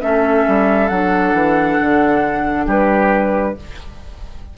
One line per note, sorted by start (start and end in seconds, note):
0.00 0.47 A3
0.00 0.90 C#4
0.00 2.66 A4
0.00 0.88 E5
0.48 0.90 G3
0.88 1.33 F#3
0.88 3.57 D4
0.88 2.65 F#5
1.33 1.77 E3
1.81 2.67 D3
2.66 3.55 G3
2.66 3.54 G4
2.66 3.58 B4